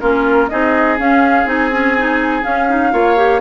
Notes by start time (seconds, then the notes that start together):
0.00 A#3 C#4 F4 A#4
0.49 C4 D#4 G#4 D#5
0.98 C#4 F5
1.45 C4 D#4 G#5
1.72 C#4
1.98 D#4
2.42 C#4 F5
2.68 D#4
2.92 A#3 F4 C#5
3.16 G4